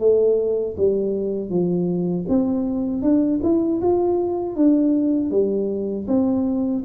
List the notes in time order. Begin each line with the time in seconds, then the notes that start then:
0.00 A3
0.78 G3
1.50 F3
2.29 C4
3.03 D4
3.43 E4
3.82 F4
4.56 D4
5.31 G3
6.08 C4